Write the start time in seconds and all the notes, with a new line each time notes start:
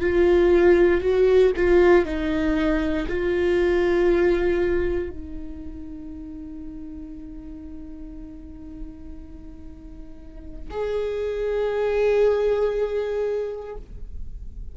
0.00 F4
1.01 F#4
1.56 F4
2.05 D#4
3.07 F4
5.10 D#4
10.70 G#4